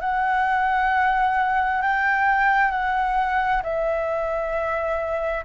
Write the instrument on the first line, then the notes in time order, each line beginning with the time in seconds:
flute
0.00 F#5
1.81 G5
2.71 F#5
3.63 E5